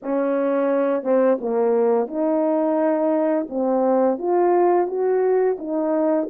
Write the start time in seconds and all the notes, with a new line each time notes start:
0.02 C#4
1.03 C4
1.40 A#3
2.07 D#4
3.49 C4
4.18 F4
4.87 F#4
5.58 D#4